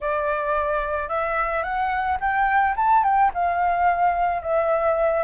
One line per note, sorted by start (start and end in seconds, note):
0.01 1.08 D5
1.08 1.63 E5
1.63 2.18 F#5
2.20 2.75 G5
2.76 3.03 A5
3.03 3.31 G5
3.34 4.42 F5
4.42 5.23 E5